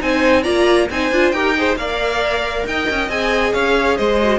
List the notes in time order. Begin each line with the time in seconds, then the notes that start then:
0.00 C4 D#4 C5 G#5
0.42 A#3 F4 D5 A#5
0.90 C4 D#4 C5 G#5
1.11 D4 F4
1.31 D#4 G4 A#4 G5
1.56 G#4 C5
1.76 A#3 A#4 D5 F5
2.66 D#4 D#5 G5
2.90 C#4
3.09 C4 G#4 G#5
3.53 C#4 C#5 F5
3.97 G#3 C5 D#5
4.21 F#4